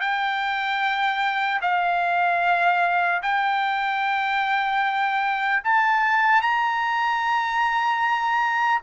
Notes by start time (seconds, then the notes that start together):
0.00 G5
1.61 F5
3.22 G5
5.64 A5
6.41 A#5